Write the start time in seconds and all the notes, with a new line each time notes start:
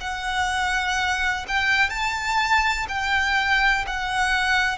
0.00 F#5
1.48 G5
1.89 A5
2.88 G5
3.87 F#5